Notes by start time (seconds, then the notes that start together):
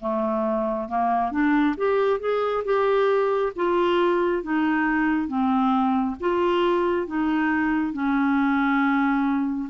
0.00 A3
0.88 A#3
1.31 D4
1.77 G4
2.19 G#4
2.64 G4
3.55 F4
4.43 D#4
5.27 C4
6.20 F4
7.07 D#4
7.93 C#4